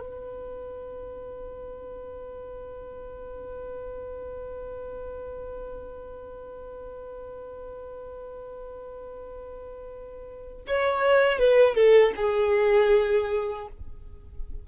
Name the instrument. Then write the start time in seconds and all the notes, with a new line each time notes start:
violin
0.00 B4
10.67 C#5
11.39 B4
11.75 A4
12.16 G#4